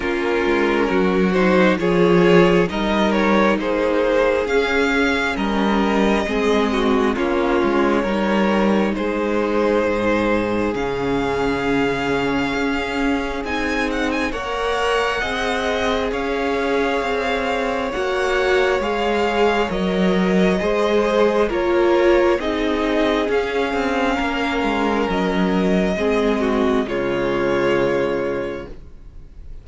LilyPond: <<
  \new Staff \with { instrumentName = "violin" } { \time 4/4 \tempo 4 = 67 ais'4. c''8 cis''4 dis''8 cis''8 | c''4 f''4 dis''2 | cis''2 c''2 | f''2. gis''8 fis''16 gis''16 |
fis''2 f''2 | fis''4 f''4 dis''2 | cis''4 dis''4 f''2 | dis''2 cis''2 | }
  \new Staff \with { instrumentName = "violin" } { \time 4/4 f'4 fis'4 gis'4 ais'4 | gis'2 ais'4 gis'8 fis'8 | f'4 ais'4 gis'2~ | gis'1 |
cis''4 dis''4 cis''2~ | cis''2. c''4 | ais'4 gis'2 ais'4~ | ais'4 gis'8 fis'8 f'2 | }
  \new Staff \with { instrumentName = "viola" } { \time 4/4 cis'4. dis'8 f'4 dis'4~ | dis'4 cis'2 c'4 | cis'4 dis'2. | cis'2. dis'4 |
ais'4 gis'2. | fis'4 gis'4 ais'4 gis'4 | f'4 dis'4 cis'2~ | cis'4 c'4 gis2 | }
  \new Staff \with { instrumentName = "cello" } { \time 4/4 ais8 gis8 fis4 f4 g4 | ais4 cis'4 g4 gis4 | ais8 gis8 g4 gis4 gis,4 | cis2 cis'4 c'4 |
ais4 c'4 cis'4 c'4 | ais4 gis4 fis4 gis4 | ais4 c'4 cis'8 c'8 ais8 gis8 | fis4 gis4 cis2 | }
>>